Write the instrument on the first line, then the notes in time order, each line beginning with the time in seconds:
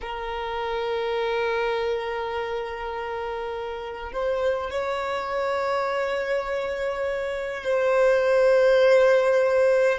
violin
0.01 A#4
4.12 C5
4.70 C#5
7.64 C5